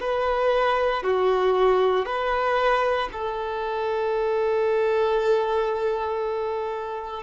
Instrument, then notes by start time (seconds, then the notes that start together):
violin
0.00 B4
1.03 F#4
2.05 B4
3.12 A4